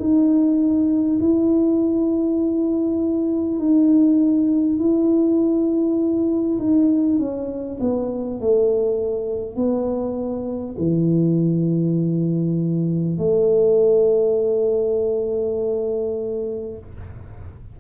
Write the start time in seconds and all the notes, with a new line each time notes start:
0.00 D#4
1.21 E4
3.59 D#4
4.79 E4
6.59 D#4
7.19 C#4
7.81 B3
8.41 A3
9.56 B3
10.79 E3
13.18 A3